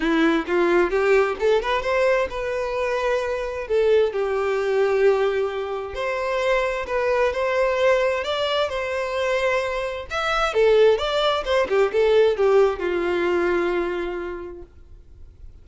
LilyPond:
\new Staff \with { instrumentName = "violin" } { \time 4/4 \tempo 4 = 131 e'4 f'4 g'4 a'8 b'8 | c''4 b'2. | a'4 g'2.~ | g'4 c''2 b'4 |
c''2 d''4 c''4~ | c''2 e''4 a'4 | d''4 c''8 g'8 a'4 g'4 | f'1 | }